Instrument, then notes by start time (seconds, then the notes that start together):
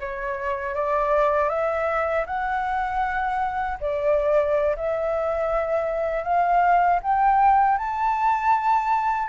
flute
0.00 C#5
0.75 D5
1.49 E5
2.26 F#5
3.80 D5
4.76 E5
6.23 F5
7.02 G5
7.78 A5